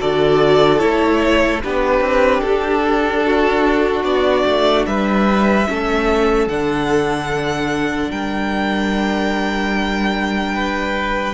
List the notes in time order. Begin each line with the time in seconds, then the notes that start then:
0.00 D3 F#4 A4 D5
0.79 A3 E4 C#5
1.64 B3 D4 G4 B4
2.01 C4
2.41 D4 A4
3.26 F#4
4.04 B3 D5
4.46 A3
4.86 G3 B4 E5
5.67 A3 C#4 A4
6.47 D3 D4 F#5
8.11 G3 A#4 G5
10.55 B4